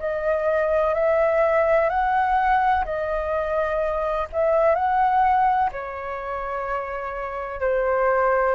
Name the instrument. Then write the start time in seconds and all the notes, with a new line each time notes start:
flute
0.00 D#5
0.94 E5
1.90 F#5
2.85 D#5
4.33 E5
4.75 F#5
5.72 C#5
7.61 C5